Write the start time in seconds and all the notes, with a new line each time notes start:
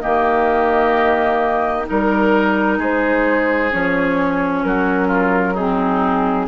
0.00 D#3 A#3 G4 D#5
1.85 G3 D#4 A#4
2.77 G#3 G#4 C5
3.71 F3 C#4 C#5
4.63 F#3 F#4 A#4
5.07 F4
5.53 C4 D#4 G#4